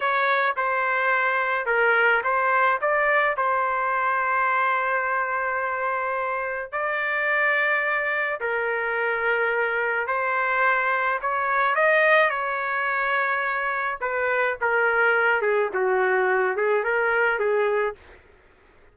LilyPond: \new Staff \with { instrumentName = "trumpet" } { \time 4/4 \tempo 4 = 107 cis''4 c''2 ais'4 | c''4 d''4 c''2~ | c''1 | d''2. ais'4~ |
ais'2 c''2 | cis''4 dis''4 cis''2~ | cis''4 b'4 ais'4. gis'8 | fis'4. gis'8 ais'4 gis'4 | }